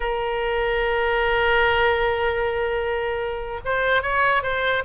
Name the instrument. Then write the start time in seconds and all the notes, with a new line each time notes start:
oboe
0.00 A#4
3.64 C5
4.02 C#5
4.43 C5